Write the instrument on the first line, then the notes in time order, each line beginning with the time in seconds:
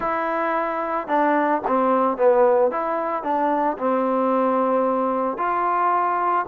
trombone
0.00 E4
1.07 D4
1.67 C4
2.17 B3
2.71 E4
3.23 D4
3.78 C4
5.37 F4